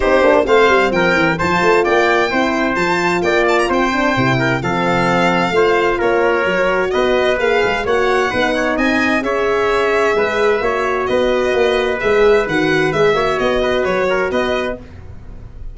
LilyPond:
<<
  \new Staff \with { instrumentName = "violin" } { \time 4/4 \tempo 4 = 130 c''4 f''4 g''4 a''4 | g''2 a''4 g''8 a''16 ais''16 | g''2 f''2~ | f''4 cis''2 dis''4 |
f''4 fis''2 gis''4 | e''1 | dis''2 e''4 fis''4 | e''4 dis''4 cis''4 dis''4 | }
  \new Staff \with { instrumentName = "trumpet" } { \time 4/4 g'4 c''4 ais'4 c''4 | d''4 c''2 d''4 | c''4. ais'8 a'2 | c''4 ais'2 b'4~ |
b'4 cis''4 b'8 cis''8 dis''4 | cis''2 b'4 cis''4 | b'1~ | b'8 cis''4 b'4 ais'8 b'4 | }
  \new Staff \with { instrumentName = "horn" } { \time 4/4 dis'8 d'8 c'2 f'4~ | f'4 e'4 f'2~ | f'8 d'8 e'4 c'2 | f'2 fis'2 |
gis'4 fis'4 dis'2 | gis'2. fis'4~ | fis'2 gis'4 fis'4 | gis'8 fis'2.~ fis'8 | }
  \new Staff \with { instrumentName = "tuba" } { \time 4/4 c'8 ais8 a8 g8 f8 e8 f8 a8 | ais4 c'4 f4 ais4 | c'4 c4 f2 | a4 ais4 fis4 b4 |
ais8 gis8 ais4 b4 c'4 | cis'2 gis4 ais4 | b4 ais4 gis4 dis4 | gis8 ais8 b4 fis4 b4 | }
>>